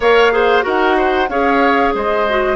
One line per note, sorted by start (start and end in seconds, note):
0.00 0.63 A#3
0.00 0.32 A#4
0.00 0.32 C#5
0.00 0.65 F5
0.32 0.62 G#4
0.32 0.64 C5
0.62 1.29 D#4
0.62 1.26 F#4
0.62 0.96 A#4
0.62 1.29 F#5
0.97 1.29 C5
1.29 1.93 C#4
1.29 2.27 G#4
1.29 1.94 C#5
1.29 1.93 F5
1.94 2.56 G#3
1.94 2.56 C5
1.94 2.56 D#5
2.29 2.56 F#4